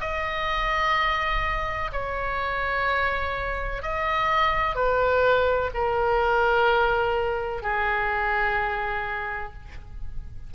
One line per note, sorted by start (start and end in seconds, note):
0.00 1.90 D#5
1.92 3.82 C#5
3.82 4.75 D#5
4.75 5.70 B4
5.74 7.62 A#4
7.62 9.53 G#4